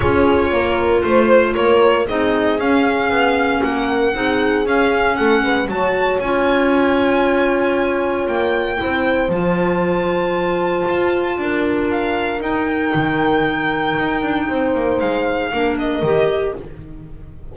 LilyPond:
<<
  \new Staff \with { instrumentName = "violin" } { \time 4/4 \tempo 4 = 116 cis''2 c''4 cis''4 | dis''4 f''2 fis''4~ | fis''4 f''4 fis''4 a''4 | gis''1 |
g''2 a''2~ | a''2. f''4 | g''1~ | g''4 f''4. dis''4. | }
  \new Staff \with { instrumentName = "horn" } { \time 4/4 gis'4 ais'4 c''4 ais'4 | gis'2. ais'4 | gis'2 a'8 b'8 cis''4~ | cis''1~ |
cis''4 c''2.~ | c''2 ais'2~ | ais'1 | c''2 ais'2 | }
  \new Staff \with { instrumentName = "clarinet" } { \time 4/4 f'1 | dis'4 cis'2. | dis'4 cis'2 fis'4 | f'1~ |
f'4 e'4 f'2~ | f'1 | dis'1~ | dis'2 d'4 g'4 | }
  \new Staff \with { instrumentName = "double bass" } { \time 4/4 cis'4 ais4 a4 ais4 | c'4 cis'4 b4 ais4 | c'4 cis'4 a8 gis8 fis4 | cis'1 |
ais4 c'4 f2~ | f4 f'4 d'2 | dis'4 dis2 dis'8 d'8 | c'8 ais8 gis4 ais4 dis4 | }
>>